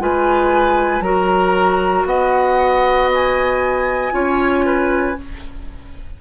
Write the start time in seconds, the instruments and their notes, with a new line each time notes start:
0.00 bassoon G#3, clarinet F4, oboe B4, flute G#5
1.01 bassoon F#3, clarinet F#4, oboe A#4, flute A#5
2.05 bassoon B3, oboe D#5, flute F#5
3.15 flute G#5
4.12 bassoon C#4, clarinet F4, oboe C#5
4.66 oboe B4